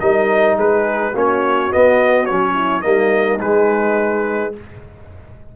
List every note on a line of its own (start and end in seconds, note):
0.00 0.58 G3
0.00 1.14 D#4
0.00 0.56 A#4
0.00 0.57 D#5
0.56 1.14 G#3
0.56 1.12 G#4
0.56 1.16 B4
1.12 1.71 A#3
1.12 1.71 C#4
1.12 2.53 F#4
1.12 1.73 C#5
1.71 2.28 B3
1.71 2.31 B3
1.71 2.26 D#5
2.26 2.86 F#3
2.26 2.82 C#4
2.26 2.82 C#5
2.54 2.83 E4
2.82 3.42 G3
2.82 3.39 A#3
2.82 4.52 D#4
2.82 3.39 D#5
3.40 4.53 G#3
3.40 4.56 G#3
3.40 4.54 B4